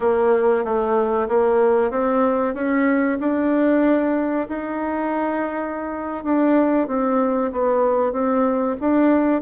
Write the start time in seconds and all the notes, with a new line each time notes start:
0.00 A#3
0.64 A3
1.28 A#3
1.90 C4
2.54 C#4
3.19 D4
4.48 D#4
6.23 D4
6.87 C4
7.51 B3
8.12 C4
8.80 D4